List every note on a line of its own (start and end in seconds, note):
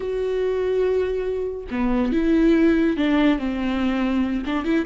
0.00 1.67 F#4
1.70 2.12 B3
2.12 2.96 E4
2.97 3.38 D4
3.38 4.44 C4
4.45 4.64 D4
4.64 4.85 E4